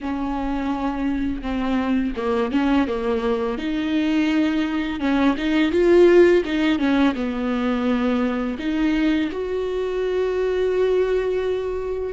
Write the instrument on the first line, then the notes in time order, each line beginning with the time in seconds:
viola
0.01 C#4
1.42 C4
2.16 A#3
2.51 C#4
2.87 A#3
3.58 D#4
5.00 C#4
5.37 D#4
5.71 F4
6.45 D#4
6.78 C#4
7.14 B3
8.58 D#4
9.31 F#4